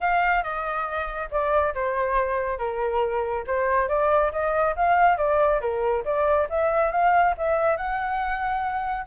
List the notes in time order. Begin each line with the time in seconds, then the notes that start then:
0.00 F5
0.43 D#5
1.30 D5
1.74 C5
2.58 A#4
3.46 C5
3.88 D5
4.32 D#5
4.76 F5
5.17 D5
5.61 A#4
6.05 D5
6.49 E5
6.91 F5
7.37 E5
7.76 F#5